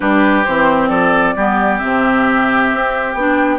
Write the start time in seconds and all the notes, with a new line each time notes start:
0.00 G3 D4 G4 B4
0.44 E3 C4 C5
0.88 F3 A4 D5
1.35 G3 B3 G4
1.78 C3 C4 E5
2.73 C4
3.13 B3 D4 G5